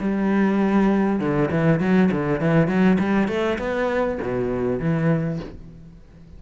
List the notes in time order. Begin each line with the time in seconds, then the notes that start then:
0.00 G3
1.19 D3
1.51 E3
1.80 F#3
2.11 D3
2.40 E3
2.68 F#3
2.99 G3
3.28 A3
3.58 B3
4.22 B2
4.80 E3